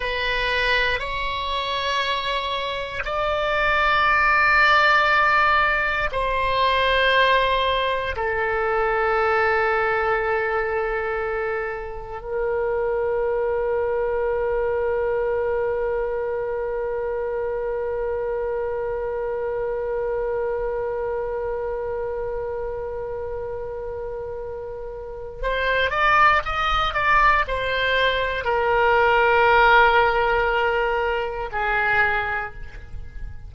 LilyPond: \new Staff \with { instrumentName = "oboe" } { \time 4/4 \tempo 4 = 59 b'4 cis''2 d''4~ | d''2 c''2 | a'1 | ais'1~ |
ais'1~ | ais'1~ | ais'4 c''8 d''8 dis''8 d''8 c''4 | ais'2. gis'4 | }